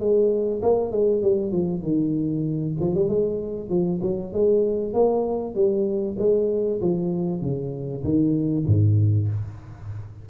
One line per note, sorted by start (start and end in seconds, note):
0.00 0.62 G#3
0.62 0.91 A#3
0.91 1.22 G#3
1.23 1.52 G3
1.52 1.82 F3
1.82 2.75 D#3
2.81 2.95 F3
2.95 3.08 G3
3.08 3.70 G#3
3.70 4.01 F3
4.02 4.33 F#3
4.33 4.94 G#3
4.94 5.55 A#3
5.55 6.17 G3
6.19 6.81 G#3
6.81 7.42 F3
7.42 8.04 C#3
8.04 8.66 D#3
8.67 9.29 G#2